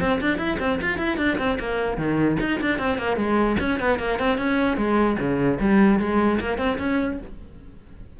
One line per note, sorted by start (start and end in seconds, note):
0.00 0.20 C4
0.21 0.38 D4
0.38 0.58 E4
0.59 0.79 C4
0.81 0.98 F4
0.98 1.17 E4
1.17 1.37 D4
1.38 1.58 C4
1.59 1.97 A#3
1.97 2.37 D#3
2.40 2.60 D#4
2.61 2.78 D4
2.78 2.98 C4
2.98 3.16 A#3
3.16 3.56 G#3
3.60 3.80 C#4
3.80 3.99 B3
3.99 4.19 A#3
4.19 4.38 C4
4.38 4.77 C#4
4.77 5.17 G#3
5.19 5.59 C#3
5.60 5.99 G3
5.99 6.39 G#3
6.40 6.58 A#3
6.58 6.78 C4
6.78 7.18 C#4